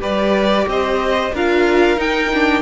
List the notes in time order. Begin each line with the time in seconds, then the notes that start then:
0.00 G3 G4 B4 D5
0.67 C4 C5 D#5
1.33 D4 F4 A#4 F5
1.97 D#4 G5
2.34 D4